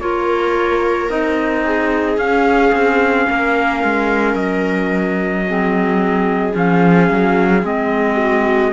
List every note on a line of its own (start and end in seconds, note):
0.00 1.09 A#3
0.00 1.09 F4
0.00 1.65 A#4
0.00 1.09 C#5
1.09 2.17 C4
1.09 2.17 D#4
1.09 2.18 D#5
1.65 3.28 G#4
2.17 2.72 C#4
2.17 5.45 C#4
2.17 4.36 F5
2.72 3.26 C4
3.30 3.83 A#3
3.30 5.47 A#4
3.83 4.35 G#3
4.35 6.53 F#3
4.35 6.54 D#5
5.47 6.52 C4
5.47 8.16 G#4
6.52 7.10 F3
6.52 7.61 C#4
6.52 7.66 F5
7.10 7.63 F#3
7.63 8.72 G#3
7.63 8.73 C4
7.63 8.73 D#5
8.16 8.71 F#4